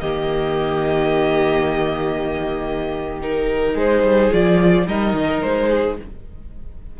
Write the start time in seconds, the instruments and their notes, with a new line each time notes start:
0.00 cello D#3, viola A#3, violin G4 D#5
3.21 viola D#4, violin A#4
3.73 cello G#3, violin G#4 C5
4.02 cello G3
4.32 cello F3, viola F4, violin D5
4.86 cello G3, viola D#4, violin A#4 D#5
5.13 cello D#3
5.42 cello G#3, violin C5
5.69 violin G#4